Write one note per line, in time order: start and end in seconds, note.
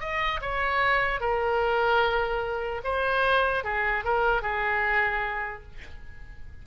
0.00 0.40 D#5
0.41 1.21 C#5
1.21 2.82 A#4
2.84 3.64 C5
3.64 4.04 G#4
4.04 4.42 A#4
4.42 5.63 G#4